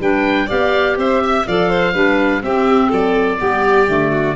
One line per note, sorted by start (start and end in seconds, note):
0.00 0.48 G3
0.00 0.48 D4
0.00 0.46 B4
0.00 0.50 G5
0.46 0.97 B3
0.46 1.45 G4
0.46 0.95 D5
0.46 0.98 F5
0.97 1.45 C4
0.97 1.23 C5
0.97 1.47 E5
1.24 1.48 E5
1.47 1.94 F3
1.47 1.93 A4
1.47 1.70 D5
1.47 2.43 F5
1.70 1.94 C5
1.93 2.42 G3
1.93 2.42 D4
1.93 2.42 B4
2.42 2.91 C4
2.42 3.38 C4
2.42 2.89 G4
2.42 2.92 E5
2.89 3.40 F#3
2.89 3.37 A4
2.89 4.36 D5
3.38 3.88 G3
3.38 3.86 B3
3.38 4.11 G4
3.88 4.36 D3
3.88 4.36 A3
4.11 4.35 F#4